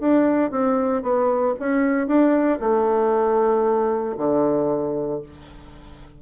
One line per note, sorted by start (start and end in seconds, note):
0.00 0.51 D4
0.51 1.02 C4
1.02 1.54 B3
1.59 2.07 C#4
2.07 2.59 D4
2.59 4.16 A3
4.17 5.22 D3